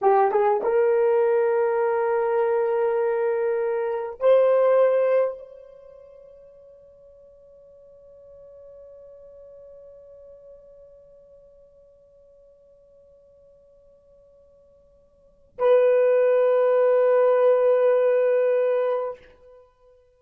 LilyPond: \new Staff \with { instrumentName = "horn" } { \time 4/4 \tempo 4 = 100 g'8 gis'8 ais'2.~ | ais'2. c''4~ | c''4 cis''2.~ | cis''1~ |
cis''1~ | cis''1~ | cis''2 b'2~ | b'1 | }